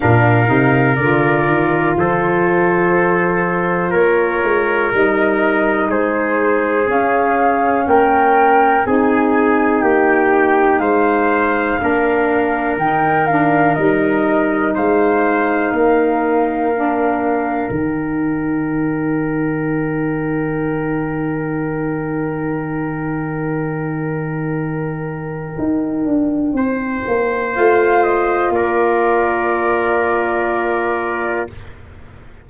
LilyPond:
<<
  \new Staff \with { instrumentName = "flute" } { \time 4/4 \tempo 4 = 61 f''4 d''4 c''2 | cis''4 dis''4 c''4 f''4 | g''4 gis''4 g''4 f''4~ | f''4 g''8 f''8 dis''4 f''4~ |
f''2 g''2~ | g''1~ | g''1 | f''8 dis''8 d''2. | }
  \new Staff \with { instrumentName = "trumpet" } { \time 4/4 ais'2 a'2 | ais'2 gis'2 | ais'4 gis'4 g'4 c''4 | ais'2. c''4 |
ais'1~ | ais'1~ | ais'2. c''4~ | c''4 ais'2. | }
  \new Staff \with { instrumentName = "saxophone" } { \time 4/4 d'8 dis'8 f'2.~ | f'4 dis'2 cis'4~ | cis'4 dis'2. | d'4 dis'8 d'8 dis'2~ |
dis'4 d'4 dis'2~ | dis'1~ | dis'1 | f'1 | }
  \new Staff \with { instrumentName = "tuba" } { \time 4/4 ais,8 c8 d8 dis8 f2 | ais8 gis8 g4 gis4 cis'4 | ais4 c'4 ais4 gis4 | ais4 dis4 g4 gis4 |
ais2 dis2~ | dis1~ | dis2 dis'8 d'8 c'8 ais8 | a4 ais2. | }
>>